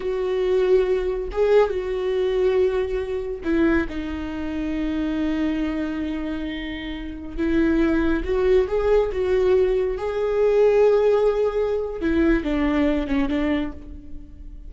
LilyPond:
\new Staff \with { instrumentName = "viola" } { \time 4/4 \tempo 4 = 140 fis'2. gis'4 | fis'1 | e'4 dis'2.~ | dis'1~ |
dis'4~ dis'16 e'2 fis'8.~ | fis'16 gis'4 fis'2 gis'8.~ | gis'1 | e'4 d'4. cis'8 d'4 | }